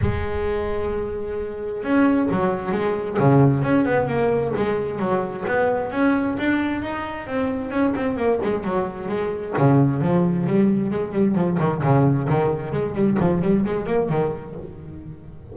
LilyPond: \new Staff \with { instrumentName = "double bass" } { \time 4/4 \tempo 4 = 132 gis1 | cis'4 fis4 gis4 cis4 | cis'8 b8 ais4 gis4 fis4 | b4 cis'4 d'4 dis'4 |
c'4 cis'8 c'8 ais8 gis8 fis4 | gis4 cis4 f4 g4 | gis8 g8 f8 dis8 cis4 dis4 | gis8 g8 f8 g8 gis8 ais8 dis4 | }